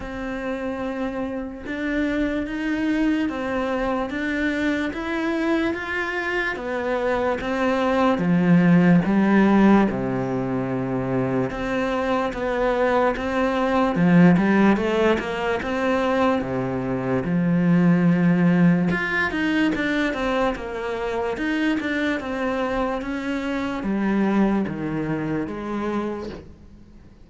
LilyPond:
\new Staff \with { instrumentName = "cello" } { \time 4/4 \tempo 4 = 73 c'2 d'4 dis'4 | c'4 d'4 e'4 f'4 | b4 c'4 f4 g4 | c2 c'4 b4 |
c'4 f8 g8 a8 ais8 c'4 | c4 f2 f'8 dis'8 | d'8 c'8 ais4 dis'8 d'8 c'4 | cis'4 g4 dis4 gis4 | }